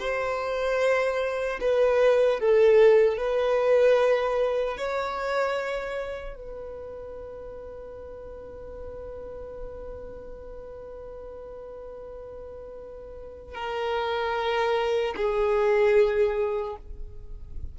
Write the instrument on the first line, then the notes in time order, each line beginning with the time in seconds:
violin
0.00 C5
1.61 B4
2.40 A4
3.18 B4
4.78 C#5
6.36 B4
13.55 A#4
15.16 G#4